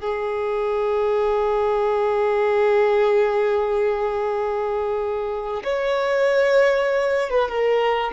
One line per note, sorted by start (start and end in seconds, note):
0.00 5.62 G#4
5.63 7.30 C#5
7.30 7.48 B4
7.48 8.11 A#4